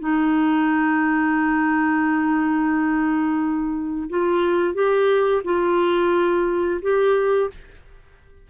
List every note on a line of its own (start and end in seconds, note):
0.00 4.09 D#4
4.09 4.74 F4
4.74 5.43 G4
5.45 6.81 F4
6.82 7.50 G4